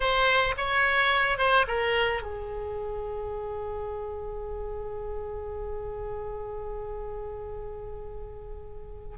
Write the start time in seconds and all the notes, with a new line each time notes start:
0.00 C5
0.57 C#5
1.38 C5
1.67 A#4
2.22 G#4